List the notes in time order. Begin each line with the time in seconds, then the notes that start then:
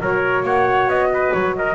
0.00 F#3 F#4 A#4 C#5
0.42 A#3 C#5 F#5
0.86 B3 D#5
1.13 B4
1.32 F#3 C#5
1.56 A#4 D#5